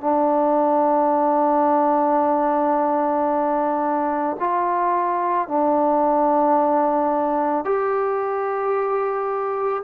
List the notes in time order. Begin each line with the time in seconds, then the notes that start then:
0.00 D4
4.39 F4
5.48 D4
7.64 G4